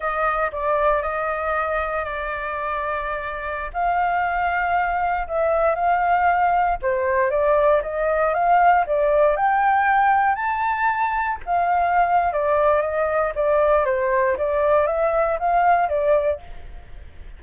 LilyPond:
\new Staff \with { instrumentName = "flute" } { \time 4/4 \tempo 4 = 117 dis''4 d''4 dis''2 | d''2.~ d''16 f''8.~ | f''2~ f''16 e''4 f''8.~ | f''4~ f''16 c''4 d''4 dis''8.~ |
dis''16 f''4 d''4 g''4.~ g''16~ | g''16 a''2 f''4.~ f''16 | d''4 dis''4 d''4 c''4 | d''4 e''4 f''4 d''4 | }